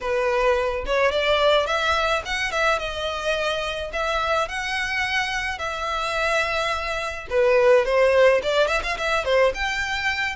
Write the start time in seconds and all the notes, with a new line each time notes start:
0.00 B4
0.86 C#5
1.11 D5
1.66 E5
2.25 F#5
2.51 E5
2.78 D#5
3.92 E5
4.48 F#5
5.58 E5
7.30 B4
7.85 C5
8.42 D5
8.67 E5
8.83 F5
8.97 E5
9.24 C5
9.54 G5